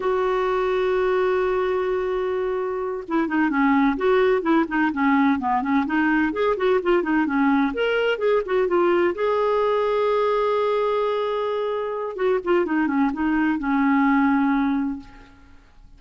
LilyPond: \new Staff \with { instrumentName = "clarinet" } { \time 4/4 \tempo 4 = 128 fis'1~ | fis'2~ fis'8 e'8 dis'8 cis'8~ | cis'8 fis'4 e'8 dis'8 cis'4 b8 | cis'8 dis'4 gis'8 fis'8 f'8 dis'8 cis'8~ |
cis'8 ais'4 gis'8 fis'8 f'4 gis'8~ | gis'1~ | gis'2 fis'8 f'8 dis'8 cis'8 | dis'4 cis'2. | }